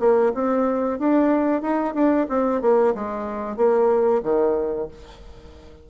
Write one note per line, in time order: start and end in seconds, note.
0.00 0.33 A#3
0.34 0.99 C4
0.99 1.62 D4
1.62 1.94 D#4
1.94 2.27 D4
2.29 2.62 C4
2.62 2.94 A#3
2.95 3.57 G#3
3.57 4.22 A#3
4.23 4.89 D#3